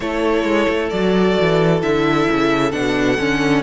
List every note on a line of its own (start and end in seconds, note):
0.00 0.44 A3
0.00 0.92 E4
0.00 3.62 A4
0.00 0.89 C#5
0.44 0.66 G#3
0.68 0.91 A3
0.89 1.37 F#3
0.89 1.81 F#4
0.89 1.80 D5
1.40 1.82 E3
1.81 2.27 D3
1.81 2.71 E4
1.81 2.71 E5
2.30 2.72 C#3
2.71 3.17 B2
2.71 3.16 D4
2.71 3.62 F#5
3.18 3.62 D3
3.18 3.62 C#4